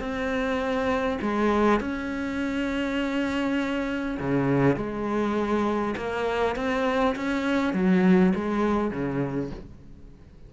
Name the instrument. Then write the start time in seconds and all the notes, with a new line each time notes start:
cello
0.00 C4
1.22 G#3
1.81 C#4
4.20 C#3
4.76 G#3
5.97 A#3
6.56 C4
7.16 C#4
7.74 F#3
8.35 G#3
8.91 C#3